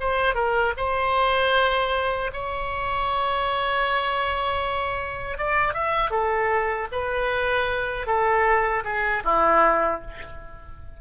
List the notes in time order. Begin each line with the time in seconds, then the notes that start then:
0.00 C5
0.35 A#4
0.77 C5
2.33 C#5
5.38 D5
5.74 E5
6.10 A4
6.92 B4
8.07 A4
8.84 G#4
9.24 E4